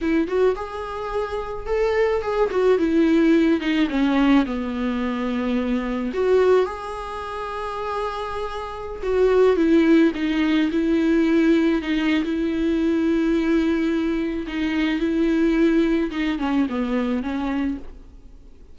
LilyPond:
\new Staff \with { instrumentName = "viola" } { \time 4/4 \tempo 4 = 108 e'8 fis'8 gis'2 a'4 | gis'8 fis'8 e'4. dis'8 cis'4 | b2. fis'4 | gis'1~ |
gis'16 fis'4 e'4 dis'4 e'8.~ | e'4~ e'16 dis'8. e'2~ | e'2 dis'4 e'4~ | e'4 dis'8 cis'8 b4 cis'4 | }